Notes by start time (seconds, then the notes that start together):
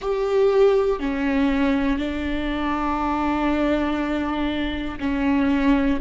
0.00 G4
0.99 C#4
1.98 D4
5.00 C#4